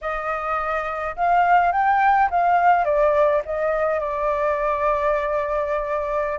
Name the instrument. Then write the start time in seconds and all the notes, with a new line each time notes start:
flute
0.01 D#5
1.16 F5
1.72 G5
2.30 F5
2.84 D5
3.45 D#5
3.99 D5